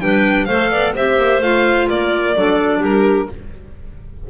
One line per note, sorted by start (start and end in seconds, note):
0.00 0.47 G3
0.00 0.47 D4
0.00 0.46 B4
0.00 0.45 G5
0.45 0.70 A3
0.45 0.96 A4
0.45 0.70 C5
0.45 0.92 F5
0.70 0.94 B3
0.70 0.94 D5
0.95 1.17 C4
0.95 1.42 G4
0.95 1.88 C5
0.95 1.42 E5
1.17 1.41 A#3
1.41 1.88 A3
1.41 2.35 F4
1.41 1.88 F5
1.89 2.35 A#3
1.89 2.36 A#4
1.89 2.82 D5
2.35 2.80 F#3
2.35 3.29 D4
2.35 2.79 A4
2.79 3.27 G3
2.79 3.25 G4
2.79 3.30 A#4